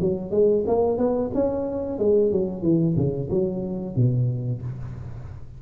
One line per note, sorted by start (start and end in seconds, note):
0.00 0.31 F#3
0.31 0.64 G#3
0.67 0.97 A#3
0.97 1.30 B3
1.34 1.98 C#4
1.98 2.31 G#3
2.31 2.62 F#3
2.62 2.95 E3
2.96 3.29 C#3
3.30 3.95 F#3
3.95 4.61 B2